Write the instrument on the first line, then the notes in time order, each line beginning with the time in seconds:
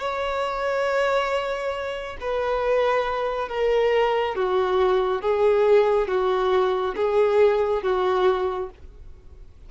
violin
0.00 C#5
2.21 B4
3.49 A#4
4.36 F#4
5.23 G#4
6.08 F#4
6.96 G#4
7.83 F#4